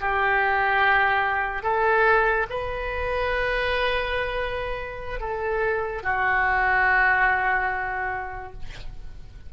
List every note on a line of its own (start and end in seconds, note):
0.00 1.62 G4
1.62 2.46 A4
2.49 5.19 B4
5.19 6.03 A4
6.03 8.53 F#4